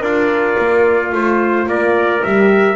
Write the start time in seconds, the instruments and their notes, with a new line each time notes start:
0.00 double bass D4, trumpet F4 D5, horn A#4
0.59 double bass A#3
1.12 double bass A3, horn F4, trumpet C5
1.68 double bass A#3, trumpet A#4 D5
2.24 double bass G3, horn G4, trumpet E5